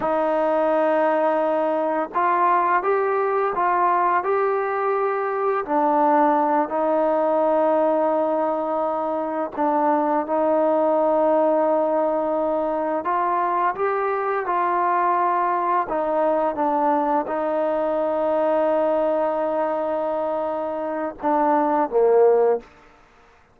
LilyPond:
\new Staff \with { instrumentName = "trombone" } { \time 4/4 \tempo 4 = 85 dis'2. f'4 | g'4 f'4 g'2 | d'4. dis'2~ dis'8~ | dis'4. d'4 dis'4.~ |
dis'2~ dis'8 f'4 g'8~ | g'8 f'2 dis'4 d'8~ | d'8 dis'2.~ dis'8~ | dis'2 d'4 ais4 | }